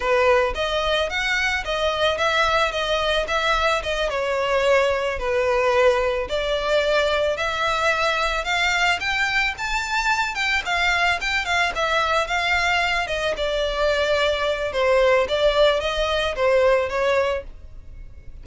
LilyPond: \new Staff \with { instrumentName = "violin" } { \time 4/4 \tempo 4 = 110 b'4 dis''4 fis''4 dis''4 | e''4 dis''4 e''4 dis''8 cis''8~ | cis''4. b'2 d''8~ | d''4. e''2 f''8~ |
f''8 g''4 a''4. g''8 f''8~ | f''8 g''8 f''8 e''4 f''4. | dis''8 d''2~ d''8 c''4 | d''4 dis''4 c''4 cis''4 | }